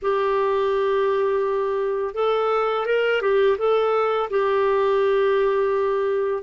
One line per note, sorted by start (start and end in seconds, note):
0.02 2.14 G4
2.14 2.86 A4
2.86 3.21 A#4
3.21 3.57 G4
3.57 4.29 A4
4.30 6.43 G4